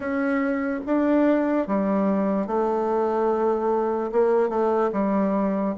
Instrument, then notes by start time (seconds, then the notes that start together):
bassoon
0.00 C#4
0.86 D4
1.67 G3
2.47 A3
4.12 A#3
4.49 A3
4.92 G3